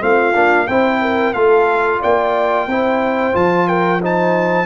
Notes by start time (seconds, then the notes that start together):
0.00 A3 C4 F4 F5
0.34 A#3 D4
0.67 C4 E4 C5 G5
1.02 A#4
1.34 A3 F4 A4 F5
2.00 A#3 D5 G5
2.67 C4 E4 C5
3.33 F3 F4 A5
3.68 A#4 G5
4.02 D#4 C5 A5